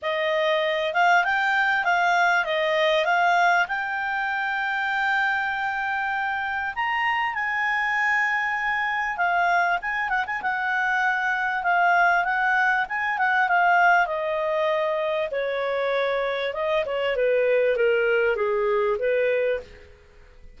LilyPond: \new Staff \with { instrumentName = "clarinet" } { \time 4/4 \tempo 4 = 98 dis''4. f''8 g''4 f''4 | dis''4 f''4 g''2~ | g''2. ais''4 | gis''2. f''4 |
gis''8 fis''16 gis''16 fis''2 f''4 | fis''4 gis''8 fis''8 f''4 dis''4~ | dis''4 cis''2 dis''8 cis''8 | b'4 ais'4 gis'4 b'4 | }